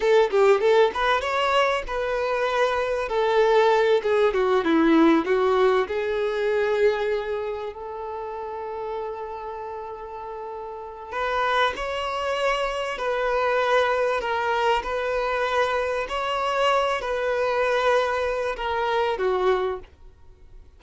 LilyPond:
\new Staff \with { instrumentName = "violin" } { \time 4/4 \tempo 4 = 97 a'8 g'8 a'8 b'8 cis''4 b'4~ | b'4 a'4. gis'8 fis'8 e'8~ | e'8 fis'4 gis'2~ gis'8~ | gis'8 a'2.~ a'8~ |
a'2 b'4 cis''4~ | cis''4 b'2 ais'4 | b'2 cis''4. b'8~ | b'2 ais'4 fis'4 | }